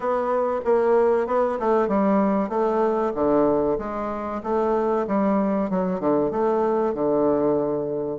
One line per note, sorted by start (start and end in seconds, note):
0.00 0.60 B3
0.64 1.27 A#3
1.27 1.58 B3
1.59 1.88 A3
1.88 2.49 G3
2.49 3.12 A3
3.14 3.78 D3
3.78 4.41 G#3
4.43 5.06 A3
5.07 5.70 G3
5.70 5.99 F#3
5.99 6.30 D3
6.30 6.93 A3
6.93 8.19 D3